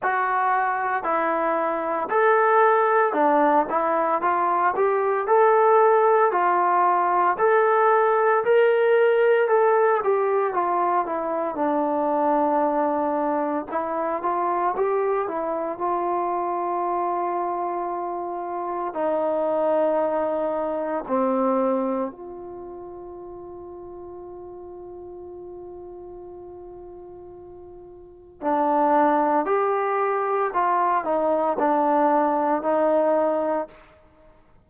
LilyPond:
\new Staff \with { instrumentName = "trombone" } { \time 4/4 \tempo 4 = 57 fis'4 e'4 a'4 d'8 e'8 | f'8 g'8 a'4 f'4 a'4 | ais'4 a'8 g'8 f'8 e'8 d'4~ | d'4 e'8 f'8 g'8 e'8 f'4~ |
f'2 dis'2 | c'4 f'2.~ | f'2. d'4 | g'4 f'8 dis'8 d'4 dis'4 | }